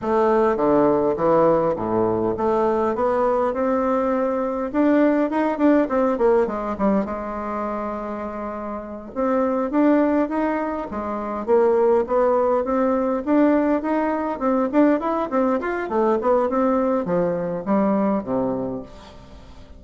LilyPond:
\new Staff \with { instrumentName = "bassoon" } { \time 4/4 \tempo 4 = 102 a4 d4 e4 a,4 | a4 b4 c'2 | d'4 dis'8 d'8 c'8 ais8 gis8 g8 | gis2.~ gis8 c'8~ |
c'8 d'4 dis'4 gis4 ais8~ | ais8 b4 c'4 d'4 dis'8~ | dis'8 c'8 d'8 e'8 c'8 f'8 a8 b8 | c'4 f4 g4 c4 | }